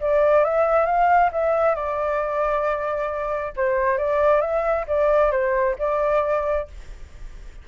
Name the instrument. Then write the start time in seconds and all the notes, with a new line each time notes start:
flute
0.00 D5
0.44 E5
0.86 F5
1.32 E5
1.75 D5
3.56 C5
3.98 D5
4.41 E5
4.87 D5
5.31 C5
5.79 D5